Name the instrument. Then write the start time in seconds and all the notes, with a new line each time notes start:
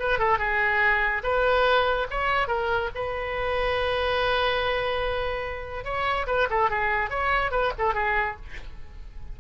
oboe
0.00 B4
0.19 A4
0.39 G#4
1.24 B4
2.11 C#5
2.48 A#4
2.95 B4
5.85 C#5
6.27 B4
6.50 A4
6.71 G#4
7.10 C#5
7.51 B4
7.79 A4
7.94 G#4